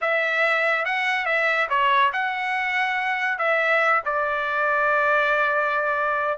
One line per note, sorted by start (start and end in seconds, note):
0.01 0.85 E5
0.85 1.25 F#5
1.25 1.68 E5
1.69 2.12 C#5
2.12 3.38 F#5
3.38 4.02 E5
4.05 6.38 D5